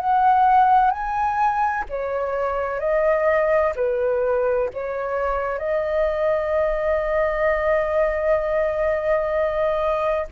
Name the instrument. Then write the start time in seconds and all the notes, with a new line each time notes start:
flute
0.00 F#5
0.91 G#5
1.89 C#5
2.80 D#5
3.76 B4
4.74 C#5
5.59 D#5